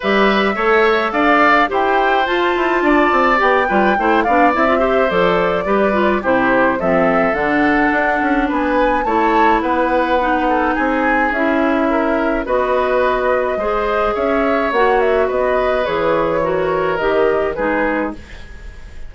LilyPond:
<<
  \new Staff \with { instrumentName = "flute" } { \time 4/4 \tempo 4 = 106 e''2 f''4 g''4 | a''2 g''4. f''8 | e''4 d''2 c''4 | e''4 fis''2 gis''4 |
a''4 fis''2 gis''4 | e''2 dis''2~ | dis''4 e''4 fis''8 e''8 dis''4 | cis''2 dis''4 b'4 | }
  \new Staff \with { instrumentName = "oboe" } { \time 4/4 b'4 cis''4 d''4 c''4~ | c''4 d''4. b'8 c''8 d''8~ | d''8 c''4. b'4 g'4 | a'2. b'4 |
cis''4 b'4. a'8 gis'4~ | gis'4 ais'4 b'2 | c''4 cis''2 b'4~ | b'4 ais'2 gis'4 | }
  \new Staff \with { instrumentName = "clarinet" } { \time 4/4 g'4 a'2 g'4 | f'2 g'8 f'8 e'8 d'8 | e'16 f'16 g'8 a'4 g'8 f'8 e'4 | c'4 d'2. |
e'2 dis'2 | e'2 fis'2 | gis'2 fis'2 | gis'4 fis'4 g'4 dis'4 | }
  \new Staff \with { instrumentName = "bassoon" } { \time 4/4 g4 a4 d'4 e'4 | f'8 e'8 d'8 c'8 b8 g8 a8 b8 | c'4 f4 g4 c4 | f4 d4 d'8 cis'8 b4 |
a4 b2 c'4 | cis'2 b2 | gis4 cis'4 ais4 b4 | e2 dis4 gis4 | }
>>